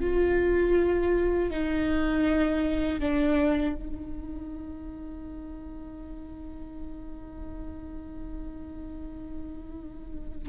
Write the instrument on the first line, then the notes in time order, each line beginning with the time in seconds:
viola
0.00 F4
1.50 D#4
2.99 D4
3.74 D#4